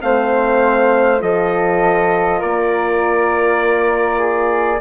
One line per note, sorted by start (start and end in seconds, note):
0.00 1.22 A3
0.00 1.19 C4
0.00 1.23 C5
0.00 1.22 F5
1.19 2.42 F3
1.19 4.79 F4
1.19 2.40 A4
1.19 2.42 D#5
2.40 4.81 A#3
2.40 4.19 A#4
2.40 4.81 D5
4.19 4.79 G#4